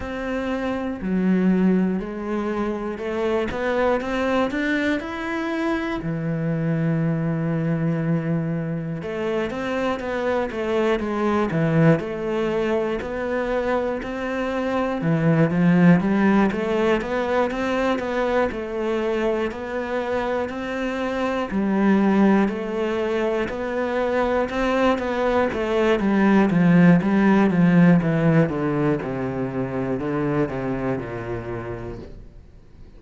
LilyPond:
\new Staff \with { instrumentName = "cello" } { \time 4/4 \tempo 4 = 60 c'4 fis4 gis4 a8 b8 | c'8 d'8 e'4 e2~ | e4 a8 c'8 b8 a8 gis8 e8 | a4 b4 c'4 e8 f8 |
g8 a8 b8 c'8 b8 a4 b8~ | b8 c'4 g4 a4 b8~ | b8 c'8 b8 a8 g8 f8 g8 f8 | e8 d8 c4 d8 c8 ais,4 | }